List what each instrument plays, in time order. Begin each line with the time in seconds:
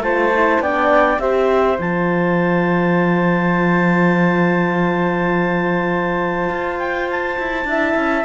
0.00 cello A3, horn F4, flute C5, clarinet A5
0.35 horn E4
0.60 cello B3, horn D4, flute D5, clarinet G5
1.19 cello C4, horn G4, flute C5, clarinet E5
1.79 cello F3, horn F4, clarinet A5
6.50 cello F4
6.80 clarinet G5
7.11 clarinet A5
7.39 cello E4
7.65 cello D4, horn E4, flute E5
7.96 cello C#4